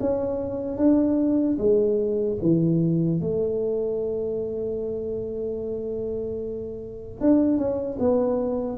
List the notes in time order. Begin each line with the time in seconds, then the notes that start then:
0.00 C#4
0.77 D4
1.58 G#3
2.41 E3
3.20 A3
7.20 D4
7.57 C#4
7.99 B3